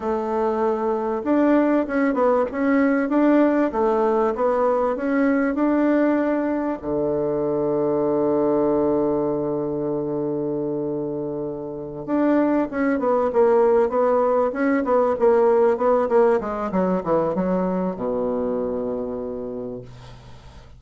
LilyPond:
\new Staff \with { instrumentName = "bassoon" } { \time 4/4 \tempo 4 = 97 a2 d'4 cis'8 b8 | cis'4 d'4 a4 b4 | cis'4 d'2 d4~ | d1~ |
d2.~ d8 d'8~ | d'8 cis'8 b8 ais4 b4 cis'8 | b8 ais4 b8 ais8 gis8 fis8 e8 | fis4 b,2. | }